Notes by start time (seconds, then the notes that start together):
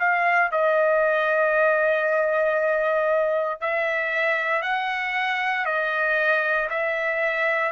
0.00 F5
0.52 D#5
3.61 E5
4.62 F#5
5.66 D#5
6.70 E5